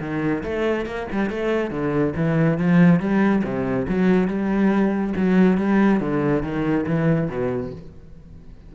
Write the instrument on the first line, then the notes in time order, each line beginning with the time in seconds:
cello
0.00 D#3
0.43 A3
0.86 A#3
1.12 G3
1.30 A3
1.71 D3
2.16 E3
2.58 F3
3.00 G3
3.44 C3
3.88 F#3
4.28 G3
5.16 F#3
5.58 G3
6.00 D3
6.42 D#3
6.86 E3
7.29 B2